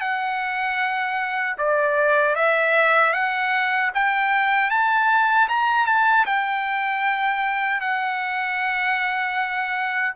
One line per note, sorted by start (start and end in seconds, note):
0.00 1.56 F#5
1.58 2.35 D5
2.35 3.13 E5
3.13 3.91 F#5
3.94 4.70 G5
4.70 5.48 A5
5.48 5.86 A#5
5.86 6.25 A5
6.26 7.80 G5
7.80 10.14 F#5